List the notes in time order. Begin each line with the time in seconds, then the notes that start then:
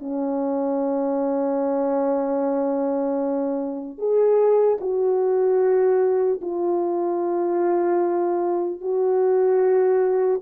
0.00 C#4
3.99 G#4
4.81 F#4
6.42 F4
8.81 F#4